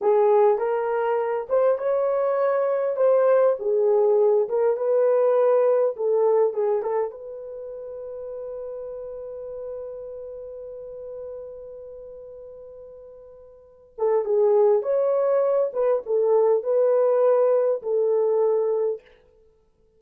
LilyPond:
\new Staff \with { instrumentName = "horn" } { \time 4/4 \tempo 4 = 101 gis'4 ais'4. c''8 cis''4~ | cis''4 c''4 gis'4. ais'8 | b'2 a'4 gis'8 a'8 | b'1~ |
b'1~ | b'2.~ b'8 a'8 | gis'4 cis''4. b'8 a'4 | b'2 a'2 | }